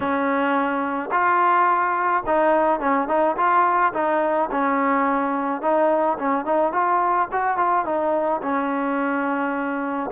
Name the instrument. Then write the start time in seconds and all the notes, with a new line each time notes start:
trombone
0.00 C#4
1.11 F4
2.26 D#4
2.80 C#4
3.08 D#4
3.36 F4
3.93 D#4
4.51 C#4
5.61 D#4
6.18 C#4
6.45 D#4
6.72 F4
7.32 F#4
7.57 F4
7.85 D#4
8.42 C#4